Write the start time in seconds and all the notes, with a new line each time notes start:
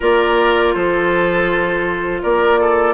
0.00 A#3 F4 A#4 D5
0.73 F3 A4 C5
2.22 A#3 A#4 D5
2.60 A4